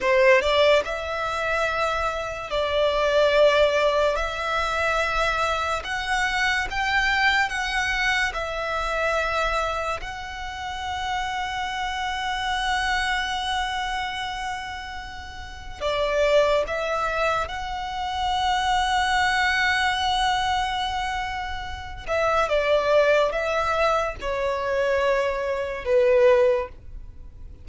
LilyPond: \new Staff \with { instrumentName = "violin" } { \time 4/4 \tempo 4 = 72 c''8 d''8 e''2 d''4~ | d''4 e''2 fis''4 | g''4 fis''4 e''2 | fis''1~ |
fis''2. d''4 | e''4 fis''2.~ | fis''2~ fis''8 e''8 d''4 | e''4 cis''2 b'4 | }